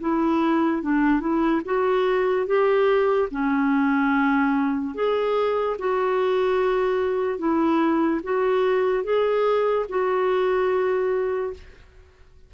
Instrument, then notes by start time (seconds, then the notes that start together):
clarinet
0.00 E4
0.82 D4
1.20 E4
1.65 F#4
2.47 G4
3.31 C#4
4.94 G#4
5.79 F#4
7.38 E4
8.23 F#4
9.04 G#4
9.89 F#4